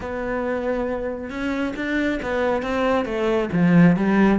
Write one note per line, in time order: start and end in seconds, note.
0.00 1.29 B3
1.29 1.73 C#4
1.76 2.19 D4
2.22 2.62 B3
2.62 3.05 C4
3.05 3.49 A3
3.52 3.96 F3
3.96 4.39 G3